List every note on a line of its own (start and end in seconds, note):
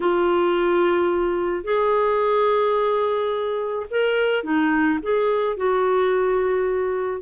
0.00 1.64 F4
1.64 3.86 G#4
3.90 4.43 A#4
4.43 4.99 D#4
5.02 5.57 G#4
5.57 7.21 F#4